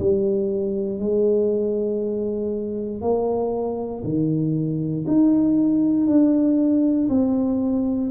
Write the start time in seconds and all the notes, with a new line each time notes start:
0.00 G3
1.00 G#3
3.01 A#3
4.04 D#3
5.08 D#4
6.07 D4
7.10 C4